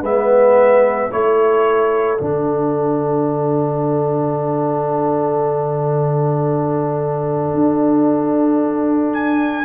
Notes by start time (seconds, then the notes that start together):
0.00 G#3 B3 B4 E5
1.10 A3 E4 A4 C#5
2.18 D3 D4 F#5
7.54 D4
9.13 G#5